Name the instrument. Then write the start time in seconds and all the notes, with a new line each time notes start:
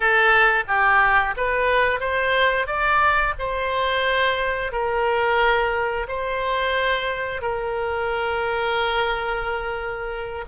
oboe
0.00 A4
0.67 G4
1.37 B4
2.00 C5
2.66 D5
3.38 C5
4.72 A#4
6.08 C5
7.41 A#4